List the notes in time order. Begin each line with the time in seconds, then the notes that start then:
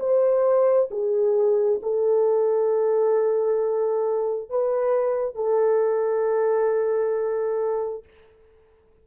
0.00 C5
0.91 G#4
1.83 A4
4.50 B4
5.35 A4